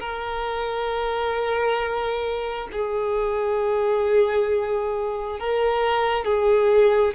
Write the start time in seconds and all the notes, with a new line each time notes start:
0.00 A#4
2.73 G#4
5.40 A#4
6.25 G#4